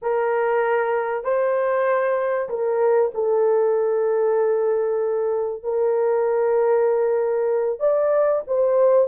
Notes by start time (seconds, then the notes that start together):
0.01 A#4
1.24 C5
2.49 A#4
3.14 A4
5.62 A#4
7.79 D5
8.47 C5